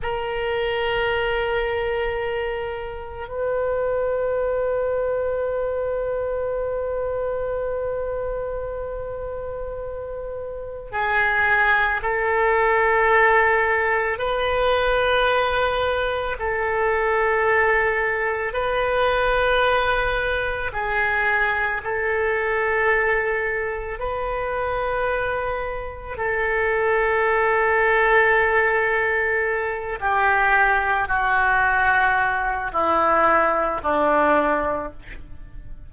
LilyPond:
\new Staff \with { instrumentName = "oboe" } { \time 4/4 \tempo 4 = 55 ais'2. b'4~ | b'1~ | b'2 gis'4 a'4~ | a'4 b'2 a'4~ |
a'4 b'2 gis'4 | a'2 b'2 | a'2.~ a'8 g'8~ | g'8 fis'4. e'4 d'4 | }